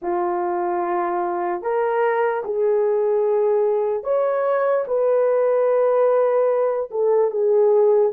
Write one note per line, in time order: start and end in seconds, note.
0.01 1.62 F4
1.62 2.43 A#4
2.44 4.03 G#4
4.03 4.84 C#5
4.87 6.90 B4
6.90 7.30 A4
7.30 8.12 G#4